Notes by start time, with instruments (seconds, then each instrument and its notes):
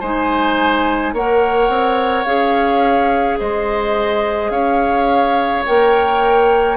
0.00 bassoon G#3, clarinet D#4, oboe C5, flute G#5
1.12 bassoon A#3, clarinet A#4, oboe C#5, flute F#5
1.68 bassoon C4
2.24 bassoon C#4, clarinet G#4, flute F5
3.38 bassoon G#3, oboe C5, flute D#5
4.50 bassoon C#4, oboe C#5, flute F5
5.66 bassoon A#3, clarinet A#4, flute G5